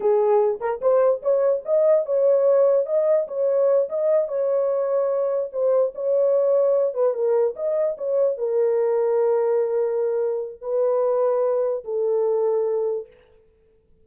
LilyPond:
\new Staff \with { instrumentName = "horn" } { \time 4/4 \tempo 4 = 147 gis'4. ais'8 c''4 cis''4 | dis''4 cis''2 dis''4 | cis''4. dis''4 cis''4.~ | cis''4. c''4 cis''4.~ |
cis''4 b'8 ais'4 dis''4 cis''8~ | cis''8 ais'2.~ ais'8~ | ais'2 b'2~ | b'4 a'2. | }